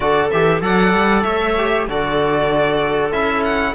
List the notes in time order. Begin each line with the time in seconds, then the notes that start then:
0.00 D3 F#4 A4 D5
0.30 E3 G4 E5
0.61 F#3 A4 D5 F#5
0.93 G3
1.23 A3 C#5 E5
1.57 G4
1.87 D3 F#4 A4 D5
3.11 C#4 E4 E5
3.43 F#5